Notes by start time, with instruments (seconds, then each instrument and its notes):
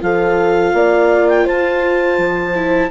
0.00 bassoon F3, viola F4, horn A4, clarinet F5
0.73 bassoon A#3, horn D5
1.28 clarinet G5
1.44 bassoon F4, horn C5, clarinet A5
2.18 bassoon F3
2.55 viola E4